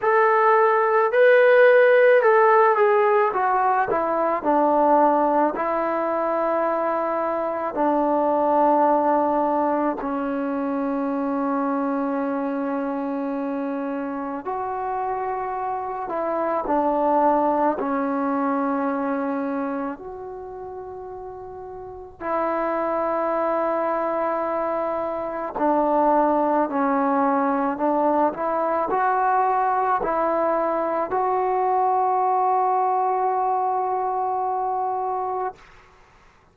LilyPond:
\new Staff \with { instrumentName = "trombone" } { \time 4/4 \tempo 4 = 54 a'4 b'4 a'8 gis'8 fis'8 e'8 | d'4 e'2 d'4~ | d'4 cis'2.~ | cis'4 fis'4. e'8 d'4 |
cis'2 fis'2 | e'2. d'4 | cis'4 d'8 e'8 fis'4 e'4 | fis'1 | }